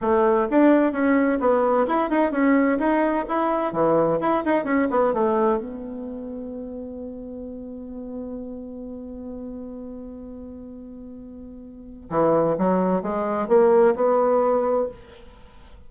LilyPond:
\new Staff \with { instrumentName = "bassoon" } { \time 4/4 \tempo 4 = 129 a4 d'4 cis'4 b4 | e'8 dis'8 cis'4 dis'4 e'4 | e4 e'8 dis'8 cis'8 b8 a4 | b1~ |
b1~ | b1~ | b2 e4 fis4 | gis4 ais4 b2 | }